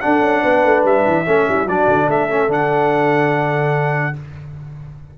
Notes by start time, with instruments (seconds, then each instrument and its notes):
0.00 trombone D4, tuba D4, horn A4, trumpet F#5
0.21 tuba C#4
0.41 tuba B3, horn B4
0.64 tuba A3
0.84 tuba G3, trumpet E5
1.06 tuba E3
1.26 tuba A3, trombone C#4, horn A4
1.48 tuba G3, horn E4
1.66 tuba F#3, trombone D4, horn F#4, trumpet D5
1.87 tuba D3
2.07 tuba A3, horn A4, trumpet E5
2.30 trombone C#4
2.47 tuba D3, trombone D4, trumpet F#5